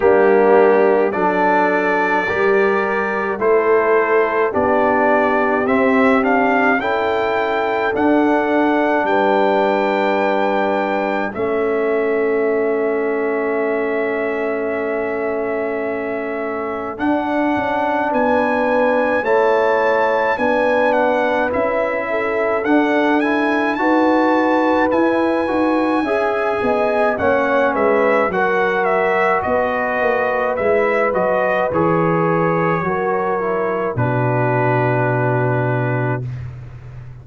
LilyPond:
<<
  \new Staff \with { instrumentName = "trumpet" } { \time 4/4 \tempo 4 = 53 g'4 d''2 c''4 | d''4 e''8 f''8 g''4 fis''4 | g''2 e''2~ | e''2. fis''4 |
gis''4 a''4 gis''8 fis''8 e''4 | fis''8 gis''8 a''4 gis''2 | fis''8 e''8 fis''8 e''8 dis''4 e''8 dis''8 | cis''2 b'2 | }
  \new Staff \with { instrumentName = "horn" } { \time 4/4 d'4 a'4 ais'4 a'4 | g'2 a'2 | b'2 a'2~ | a'1 |
b'4 cis''4 b'4. a'8~ | a'4 b'2 e''8 dis''8 | cis''8 b'8 ais'4 b'2~ | b'4 ais'4 fis'2 | }
  \new Staff \with { instrumentName = "trombone" } { \time 4/4 ais4 d'4 g'4 e'4 | d'4 c'8 d'8 e'4 d'4~ | d'2 cis'2~ | cis'2. d'4~ |
d'4 e'4 d'4 e'4 | d'8 e'8 fis'4 e'8 fis'8 gis'4 | cis'4 fis'2 e'8 fis'8 | gis'4 fis'8 e'8 d'2 | }
  \new Staff \with { instrumentName = "tuba" } { \time 4/4 g4 fis4 g4 a4 | b4 c'4 cis'4 d'4 | g2 a2~ | a2. d'8 cis'8 |
b4 a4 b4 cis'4 | d'4 dis'4 e'8 dis'8 cis'8 b8 | ais8 gis8 fis4 b8 ais8 gis8 fis8 | e4 fis4 b,2 | }
>>